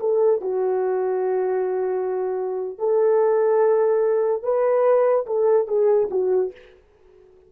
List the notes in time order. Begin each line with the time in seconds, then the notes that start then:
0.00 A4
0.41 F#4
2.79 A4
4.43 B4
5.26 A4
5.67 G#4
6.11 F#4